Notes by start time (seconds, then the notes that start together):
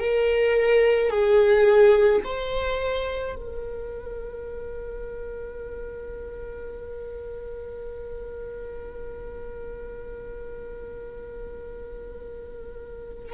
0.00 A#4
1.11 G#4
2.25 C5
3.36 A#4